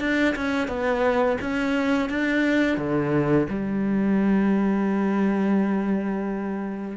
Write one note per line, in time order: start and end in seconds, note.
0.00 0.35 D4
0.35 0.68 C#4
0.68 1.37 B3
1.41 2.10 C#4
2.10 2.77 D4
2.77 3.47 D3
3.49 6.97 G3